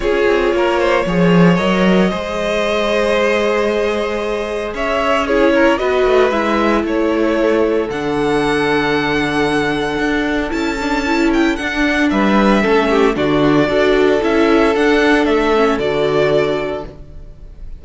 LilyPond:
<<
  \new Staff \with { instrumentName = "violin" } { \time 4/4 \tempo 4 = 114 cis''2. dis''4~ | dis''1~ | dis''4 e''4 cis''4 dis''4 | e''4 cis''2 fis''4~ |
fis''1 | a''4. g''8 fis''4 e''4~ | e''4 d''2 e''4 | fis''4 e''4 d''2 | }
  \new Staff \with { instrumentName = "violin" } { \time 4/4 gis'4 ais'8 c''8 cis''2 | c''1~ | c''4 cis''4 gis'8 ais'8 b'4~ | b'4 a'2.~ |
a'1~ | a'2. b'4 | a'8 g'8 fis'4 a'2~ | a'1 | }
  \new Staff \with { instrumentName = "viola" } { \time 4/4 f'2 gis'4 ais'4 | gis'1~ | gis'2 e'4 fis'4 | e'2. d'4~ |
d'1 | e'8 d'8 e'4 d'2 | cis'4 d'4 fis'4 e'4 | d'4. cis'8 fis'2 | }
  \new Staff \with { instrumentName = "cello" } { \time 4/4 cis'8 c'8 ais4 f4 fis4 | gis1~ | gis4 cis'2 b8 a8 | gis4 a2 d4~ |
d2. d'4 | cis'2 d'4 g4 | a4 d4 d'4 cis'4 | d'4 a4 d2 | }
>>